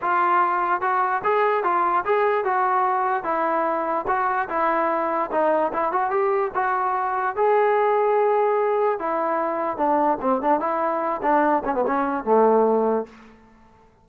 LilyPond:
\new Staff \with { instrumentName = "trombone" } { \time 4/4 \tempo 4 = 147 f'2 fis'4 gis'4 | f'4 gis'4 fis'2 | e'2 fis'4 e'4~ | e'4 dis'4 e'8 fis'8 g'4 |
fis'2 gis'2~ | gis'2 e'2 | d'4 c'8 d'8 e'4. d'8~ | d'8 cis'16 b16 cis'4 a2 | }